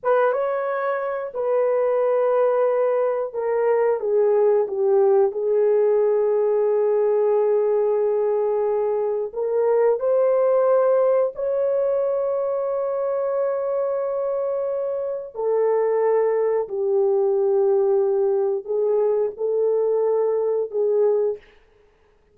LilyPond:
\new Staff \with { instrumentName = "horn" } { \time 4/4 \tempo 4 = 90 b'8 cis''4. b'2~ | b'4 ais'4 gis'4 g'4 | gis'1~ | gis'2 ais'4 c''4~ |
c''4 cis''2.~ | cis''2. a'4~ | a'4 g'2. | gis'4 a'2 gis'4 | }